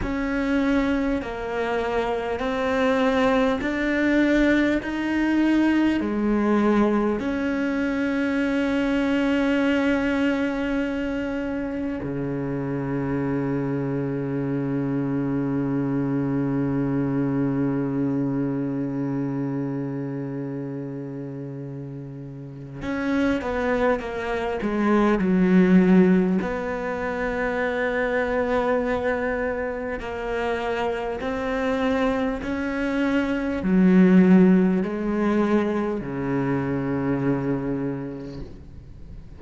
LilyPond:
\new Staff \with { instrumentName = "cello" } { \time 4/4 \tempo 4 = 50 cis'4 ais4 c'4 d'4 | dis'4 gis4 cis'2~ | cis'2 cis2~ | cis1~ |
cis2. cis'8 b8 | ais8 gis8 fis4 b2~ | b4 ais4 c'4 cis'4 | fis4 gis4 cis2 | }